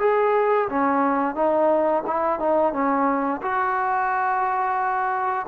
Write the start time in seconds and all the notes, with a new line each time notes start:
0.00 G#4
0.70 C#4
1.35 D#4
2.07 E4
2.40 D#4
2.73 C#4
3.42 F#4